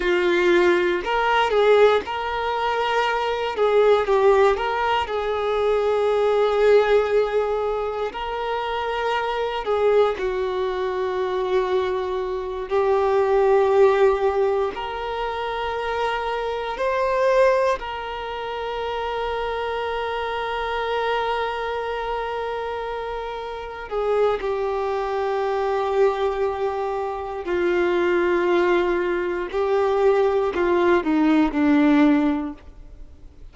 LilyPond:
\new Staff \with { instrumentName = "violin" } { \time 4/4 \tempo 4 = 59 f'4 ais'8 gis'8 ais'4. gis'8 | g'8 ais'8 gis'2. | ais'4. gis'8 fis'2~ | fis'8 g'2 ais'4.~ |
ais'8 c''4 ais'2~ ais'8~ | ais'2.~ ais'8 gis'8 | g'2. f'4~ | f'4 g'4 f'8 dis'8 d'4 | }